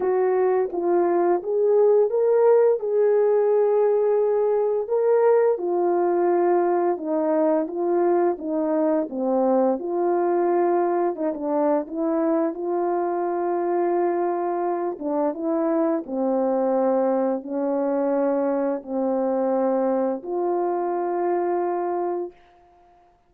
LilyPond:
\new Staff \with { instrumentName = "horn" } { \time 4/4 \tempo 4 = 86 fis'4 f'4 gis'4 ais'4 | gis'2. ais'4 | f'2 dis'4 f'4 | dis'4 c'4 f'2 |
dis'16 d'8. e'4 f'2~ | f'4. d'8 e'4 c'4~ | c'4 cis'2 c'4~ | c'4 f'2. | }